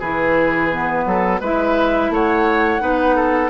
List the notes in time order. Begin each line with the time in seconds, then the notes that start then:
0.00 E3 E4 G#4 B4
0.72 B3
1.06 F#3 A4
1.41 G#3 E4 B4 E5
2.10 A3 C#5 F#5
2.80 B3 D#4 B4
3.16 A4